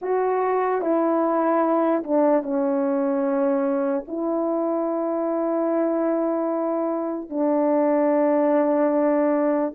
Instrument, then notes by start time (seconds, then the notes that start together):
horn
0.01 F#4
0.81 E4
2.03 D4
2.42 C#4
4.07 E4
7.29 D4